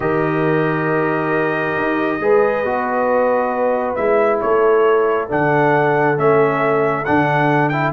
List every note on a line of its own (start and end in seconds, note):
0.00 1.75 D#3
0.00 2.20 G4
0.00 2.21 A#4
0.00 3.94 D#5
1.77 2.19 D#4
2.19 2.63 G#3
2.19 2.65 G#4
2.19 4.43 B4
2.64 3.96 B3
2.64 3.97 F#4
3.95 4.41 G#3
3.95 5.28 E4
3.95 4.39 E5
4.40 5.31 A3
4.40 7.92 A4
4.40 5.29 C#5
5.28 6.17 D3
5.28 6.16 D4
5.28 6.18 F#5
6.16 7.06 A3
6.16 7.05 C#4
6.16 7.04 E5
7.04 7.92 D3
7.04 7.72 D4
7.04 7.68 F#5
7.68 7.92 E4
7.68 7.90 G5